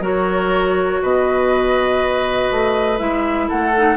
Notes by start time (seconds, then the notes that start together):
0.00 F#3 F#4 A#4
0.07 C#5
1.02 B2 B4 D#5
2.51 A3
2.98 G#3 E4 E5
3.48 A3 A4 F#5
3.77 D#4